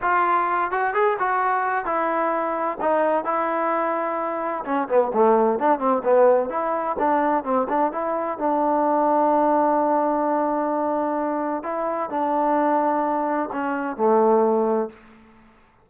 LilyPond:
\new Staff \with { instrumentName = "trombone" } { \time 4/4 \tempo 4 = 129 f'4. fis'8 gis'8 fis'4. | e'2 dis'4 e'4~ | e'2 cis'8 b8 a4 | d'8 c'8 b4 e'4 d'4 |
c'8 d'8 e'4 d'2~ | d'1~ | d'4 e'4 d'2~ | d'4 cis'4 a2 | }